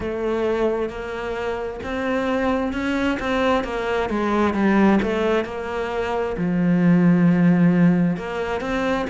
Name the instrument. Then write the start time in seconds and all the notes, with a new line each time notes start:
cello
0.00 A3
0.89 A#3
1.83 C4
2.73 C#4
3.19 C4
3.64 A#3
4.09 G#3
4.53 G3
5.02 A3
5.45 A#3
6.37 F3
8.16 A#3
8.60 C4